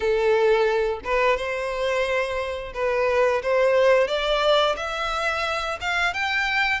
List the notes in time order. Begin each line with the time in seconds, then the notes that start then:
0.00 A4
1.04 B4
1.36 C5
2.73 B4
3.42 C5
4.07 D5
4.76 E5
5.80 F5
6.13 G5